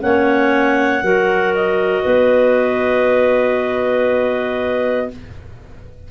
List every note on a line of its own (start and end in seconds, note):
0.00 1.03 A#3
0.00 1.02 C#4
0.00 1.04 C#5
0.00 1.54 F#5
1.03 2.04 F#3
1.03 5.10 F#4
1.03 2.03 A#4
1.55 5.11 D#5
2.03 5.11 B3
2.03 5.08 B4